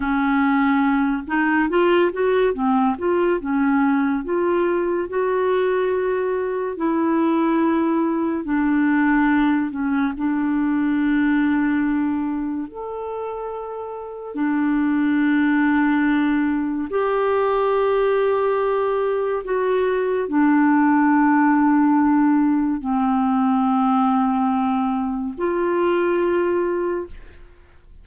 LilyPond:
\new Staff \with { instrumentName = "clarinet" } { \time 4/4 \tempo 4 = 71 cis'4. dis'8 f'8 fis'8 c'8 f'8 | cis'4 f'4 fis'2 | e'2 d'4. cis'8 | d'2. a'4~ |
a'4 d'2. | g'2. fis'4 | d'2. c'4~ | c'2 f'2 | }